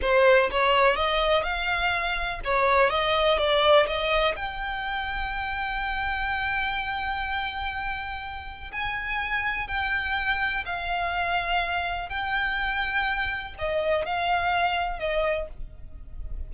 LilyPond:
\new Staff \with { instrumentName = "violin" } { \time 4/4 \tempo 4 = 124 c''4 cis''4 dis''4 f''4~ | f''4 cis''4 dis''4 d''4 | dis''4 g''2.~ | g''1~ |
g''2 gis''2 | g''2 f''2~ | f''4 g''2. | dis''4 f''2 dis''4 | }